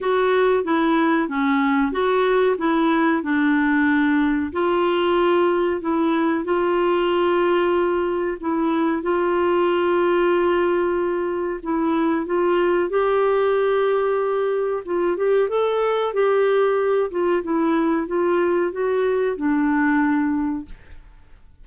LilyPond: \new Staff \with { instrumentName = "clarinet" } { \time 4/4 \tempo 4 = 93 fis'4 e'4 cis'4 fis'4 | e'4 d'2 f'4~ | f'4 e'4 f'2~ | f'4 e'4 f'2~ |
f'2 e'4 f'4 | g'2. f'8 g'8 | a'4 g'4. f'8 e'4 | f'4 fis'4 d'2 | }